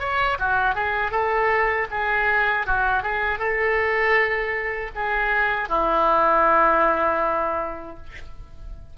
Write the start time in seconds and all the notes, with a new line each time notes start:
0.00 C#5
0.40 F#4
0.75 G#4
1.12 A4
1.91 G#4
2.67 F#4
3.03 G#4
3.39 A4
4.95 G#4
5.69 E4